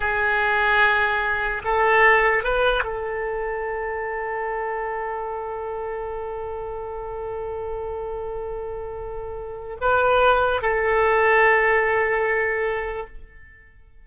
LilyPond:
\new Staff \with { instrumentName = "oboe" } { \time 4/4 \tempo 4 = 147 gis'1 | a'2 b'4 a'4~ | a'1~ | a'1~ |
a'1~ | a'1 | b'2 a'2~ | a'1 | }